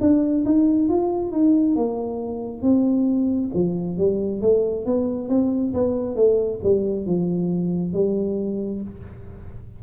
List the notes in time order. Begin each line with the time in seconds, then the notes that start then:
0.00 D4
0.45 D#4
0.89 F4
1.32 D#4
1.75 A#3
2.61 C4
3.54 F3
3.97 G3
4.41 A3
4.85 B3
5.29 C4
5.73 B3
6.15 A3
6.63 G3
7.06 F3
7.93 G3